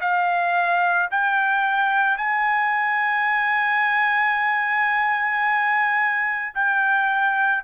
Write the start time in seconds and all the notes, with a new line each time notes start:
0.00 F5
1.11 G5
2.17 G#5
6.55 G5